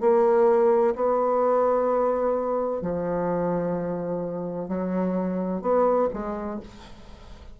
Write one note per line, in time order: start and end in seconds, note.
0.00 0.94 A#3
0.95 2.81 B3
2.81 4.68 F3
4.68 5.61 F#3
5.61 6.08 B3
6.13 6.60 G#3